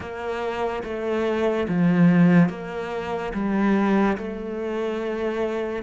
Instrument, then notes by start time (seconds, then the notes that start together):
cello
0.00 A#3
0.83 A3
1.68 F3
2.49 A#3
3.33 G3
4.17 A3